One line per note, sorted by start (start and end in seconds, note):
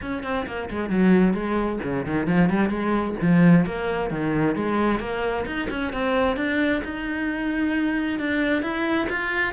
0.01 0.23 C#4
0.23 0.46 C4
0.46 0.69 A#3
0.69 0.89 G#3
0.89 1.33 F#3
1.33 1.79 G#3
1.83 2.06 C#3
2.06 2.26 D#3
2.26 2.49 F3
2.49 2.69 G3
2.69 3.14 G#3
3.21 3.65 F3
3.65 4.10 A#3
4.10 4.55 D#3
4.55 4.99 G#3
4.99 5.45 A#3
5.45 5.68 D#4
5.70 5.92 C#4
5.92 6.36 C4
6.36 6.82 D4
6.83 8.19 D#4
8.19 8.62 D4
8.62 9.07 E4
9.09 9.53 F4